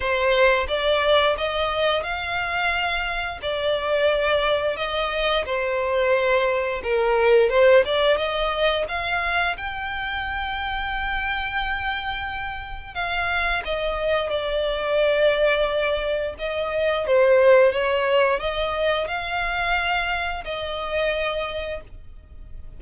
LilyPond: \new Staff \with { instrumentName = "violin" } { \time 4/4 \tempo 4 = 88 c''4 d''4 dis''4 f''4~ | f''4 d''2 dis''4 | c''2 ais'4 c''8 d''8 | dis''4 f''4 g''2~ |
g''2. f''4 | dis''4 d''2. | dis''4 c''4 cis''4 dis''4 | f''2 dis''2 | }